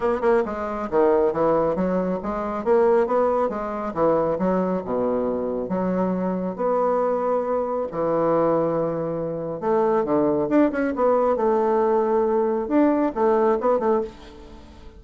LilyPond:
\new Staff \with { instrumentName = "bassoon" } { \time 4/4 \tempo 4 = 137 b8 ais8 gis4 dis4 e4 | fis4 gis4 ais4 b4 | gis4 e4 fis4 b,4~ | b,4 fis2 b4~ |
b2 e2~ | e2 a4 d4 | d'8 cis'8 b4 a2~ | a4 d'4 a4 b8 a8 | }